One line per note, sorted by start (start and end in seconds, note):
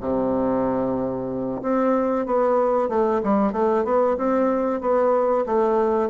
0.00 1.61 C3
1.62 2.26 C4
2.26 2.89 B3
2.89 3.21 A3
3.23 3.52 G3
3.52 3.84 A3
3.84 4.17 B3
4.17 4.81 C4
4.81 5.45 B3
5.46 6.09 A3